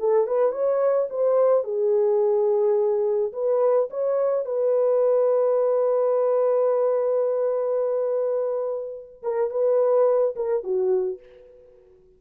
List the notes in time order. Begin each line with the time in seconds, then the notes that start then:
0.00 A4
0.28 B4
0.52 C#5
1.10 C5
1.64 G#4
3.33 B4
3.90 C#5
4.46 B4
9.23 A#4
9.51 B4
10.36 A#4
10.64 F#4